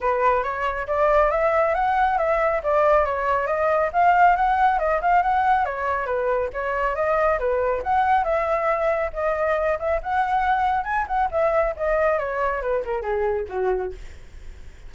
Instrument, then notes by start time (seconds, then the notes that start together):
flute
0.00 B4
0.43 C#5
0.87 D5
1.30 E5
1.74 F#5
2.18 E5
2.63 D5
3.05 C#5
3.46 D#5
3.92 F5
4.35 F#5
4.78 D#5
5.01 F5
5.22 F#5
5.65 C#5
6.06 B4
6.53 C#5
6.95 D#5
7.39 B4
7.83 F#5
8.24 E5
9.13 D#5
9.79 E5
10.02 F#5
10.84 G#5
11.07 F#5
11.31 E5
11.76 D#5
12.18 C#5
12.61 B4
12.85 A#4
13.02 G#4
13.48 F#4